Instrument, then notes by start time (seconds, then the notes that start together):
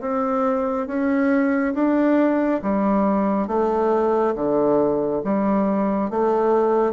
bassoon
0.00 C4
0.87 C#4
1.74 D4
2.62 G3
3.47 A3
4.35 D3
5.24 G3
6.10 A3